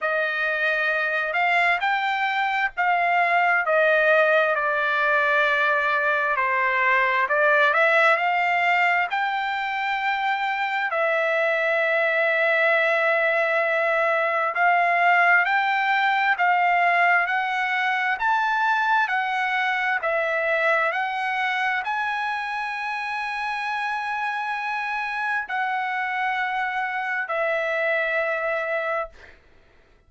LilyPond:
\new Staff \with { instrumentName = "trumpet" } { \time 4/4 \tempo 4 = 66 dis''4. f''8 g''4 f''4 | dis''4 d''2 c''4 | d''8 e''8 f''4 g''2 | e''1 |
f''4 g''4 f''4 fis''4 | a''4 fis''4 e''4 fis''4 | gis''1 | fis''2 e''2 | }